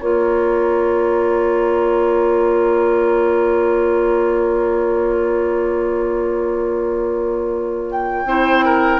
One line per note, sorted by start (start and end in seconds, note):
0.00 8.25 A#3
0.00 8.27 F4
0.00 8.25 C#5
0.00 7.88 A#5
7.91 8.99 G5
8.25 8.99 C4
8.25 8.99 E4
8.25 8.65 C5
8.65 8.99 A#4